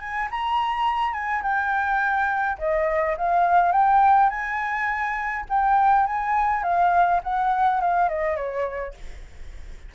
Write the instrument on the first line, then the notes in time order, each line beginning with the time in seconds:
flute
0.00 G#5
0.31 A#5
1.13 G#5
1.42 G5
2.58 D#5
3.17 F5
3.72 G5
4.30 G#5
5.49 G5
6.06 G#5
6.63 F5
7.23 F#5
7.81 F5
8.09 D#5
8.36 C#5